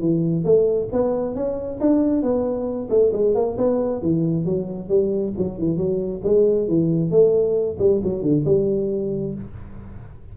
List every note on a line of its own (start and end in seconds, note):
0.00 0.44 E3
0.44 0.89 A3
0.92 1.35 B3
1.35 1.79 C#4
1.80 2.22 D4
2.22 2.89 B3
2.89 3.12 A3
3.13 3.35 G#3
3.35 3.57 A#3
3.58 4.02 B3
4.02 4.45 E3
4.45 4.88 F#3
4.88 5.33 G3
5.37 5.58 F#3
5.58 5.77 E3
5.77 6.22 F#3
6.23 6.68 G#3
6.68 7.11 E3
7.11 7.77 A3
7.79 8.01 G3
8.04 8.22 F#3
8.22 8.44 D3
8.45 9.34 G3